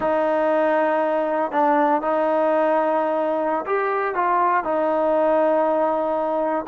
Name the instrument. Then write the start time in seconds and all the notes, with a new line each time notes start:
trombone
0.00 D#4
1.51 D4
2.01 D#4
3.66 G4
4.14 F4
4.64 D#4